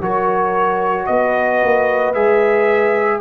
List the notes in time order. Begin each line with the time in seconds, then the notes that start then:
0.00 F#3 F#4 A#4 C#5
1.06 B3 B4 D#5
1.63 A#3
2.14 G#3 G#4 E5